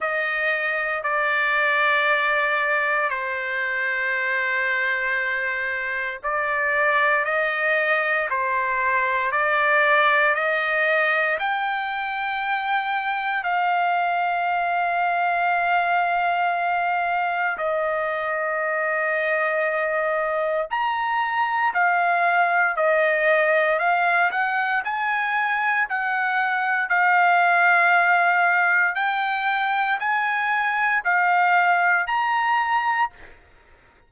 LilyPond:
\new Staff \with { instrumentName = "trumpet" } { \time 4/4 \tempo 4 = 58 dis''4 d''2 c''4~ | c''2 d''4 dis''4 | c''4 d''4 dis''4 g''4~ | g''4 f''2.~ |
f''4 dis''2. | ais''4 f''4 dis''4 f''8 fis''8 | gis''4 fis''4 f''2 | g''4 gis''4 f''4 ais''4 | }